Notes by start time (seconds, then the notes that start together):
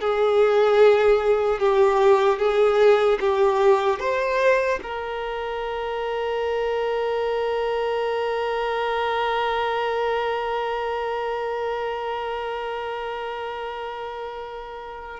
0.00 G#4
1.59 G4
2.39 G#4
3.20 G4
3.99 C5
4.83 A#4